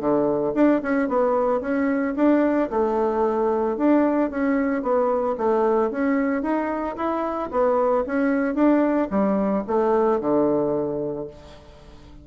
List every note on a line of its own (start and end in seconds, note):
0.00 0.54 D3
0.54 0.81 D4
0.82 1.08 C#4
1.08 1.61 B3
1.61 2.14 C#4
2.16 2.70 D4
2.70 3.77 A3
3.77 4.31 D4
4.31 4.82 C#4
4.82 5.36 B3
5.38 5.91 A3
5.91 6.43 C#4
6.43 6.96 D#4
6.96 7.50 E4
7.51 8.05 B3
8.07 8.55 C#4
8.55 9.08 D4
9.10 9.64 G3
9.67 10.20 A3
10.20 11.27 D3